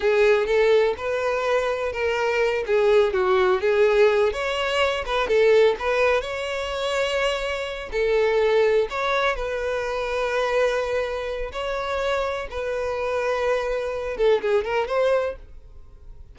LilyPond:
\new Staff \with { instrumentName = "violin" } { \time 4/4 \tempo 4 = 125 gis'4 a'4 b'2 | ais'4. gis'4 fis'4 gis'8~ | gis'4 cis''4. b'8 a'4 | b'4 cis''2.~ |
cis''8 a'2 cis''4 b'8~ | b'1 | cis''2 b'2~ | b'4. a'8 gis'8 ais'8 c''4 | }